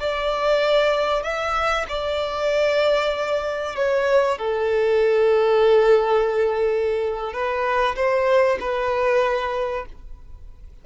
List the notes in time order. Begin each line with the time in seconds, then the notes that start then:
0.00 D5
1.23 E5
1.89 D5
3.76 C#5
4.39 A4
7.33 B4
7.96 C5
8.61 B4